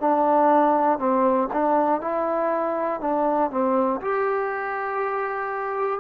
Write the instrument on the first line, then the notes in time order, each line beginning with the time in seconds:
trombone
0.00 D4
0.99 C4
1.53 D4
2.01 E4
3.01 D4
3.50 C4
4.01 G4